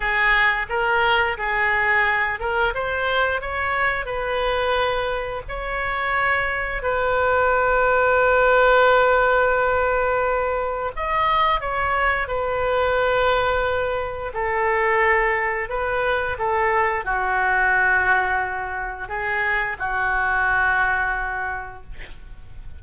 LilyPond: \new Staff \with { instrumentName = "oboe" } { \time 4/4 \tempo 4 = 88 gis'4 ais'4 gis'4. ais'8 | c''4 cis''4 b'2 | cis''2 b'2~ | b'1 |
dis''4 cis''4 b'2~ | b'4 a'2 b'4 | a'4 fis'2. | gis'4 fis'2. | }